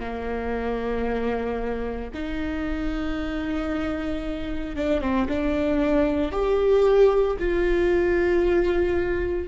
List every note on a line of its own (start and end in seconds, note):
0.00 2.11 A#3
2.14 4.76 D#4
4.76 5.01 D4
5.01 5.28 C4
5.29 6.32 D4
6.32 7.37 G4
7.39 9.48 F4